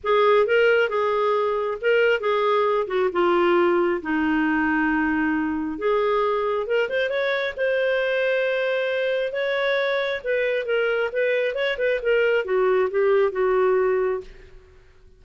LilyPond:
\new Staff \with { instrumentName = "clarinet" } { \time 4/4 \tempo 4 = 135 gis'4 ais'4 gis'2 | ais'4 gis'4. fis'8 f'4~ | f'4 dis'2.~ | dis'4 gis'2 ais'8 c''8 |
cis''4 c''2.~ | c''4 cis''2 b'4 | ais'4 b'4 cis''8 b'8 ais'4 | fis'4 g'4 fis'2 | }